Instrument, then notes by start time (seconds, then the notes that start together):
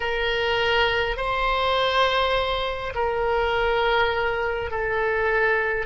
oboe
0.00 A#4
1.17 C5
2.94 A#4
4.71 A4